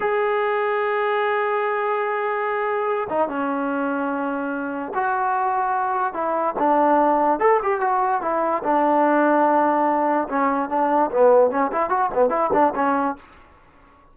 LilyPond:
\new Staff \with { instrumentName = "trombone" } { \time 4/4 \tempo 4 = 146 gis'1~ | gis'2.~ gis'8 dis'8 | cis'1 | fis'2. e'4 |
d'2 a'8 g'8 fis'4 | e'4 d'2.~ | d'4 cis'4 d'4 b4 | cis'8 e'8 fis'8 b8 e'8 d'8 cis'4 | }